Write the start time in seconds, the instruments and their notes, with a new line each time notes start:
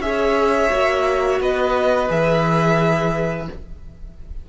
0.00 cello C#4, viola G#4, violin E5
0.06 violin C#5
0.71 cello A#3, viola F#4
1.40 cello B3, violin B4 D#5
2.09 cello E3, viola G#4, violin E5